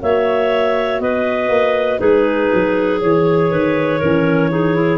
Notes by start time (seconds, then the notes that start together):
0.00 A#3 F#4 C#5 E5
1.00 B3 B4 D#5
1.49 A#3
2.00 G#3 D#4 G#4 B4
2.54 F#3
3.01 E3 G#4 C#5
3.51 D#3 B4
4.00 E3 C#4 A#4
4.51 D#4 G#4
4.75 E4